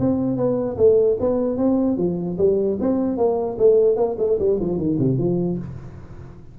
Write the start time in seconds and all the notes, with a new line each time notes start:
0.00 C4
0.37 B3
0.78 A3
1.20 B3
1.58 C4
1.98 F3
2.39 G3
2.81 C4
3.18 A#3
3.59 A3
3.97 A#3
4.19 A3
4.40 G3
4.60 F3
4.78 D#3
4.99 C3
5.18 F3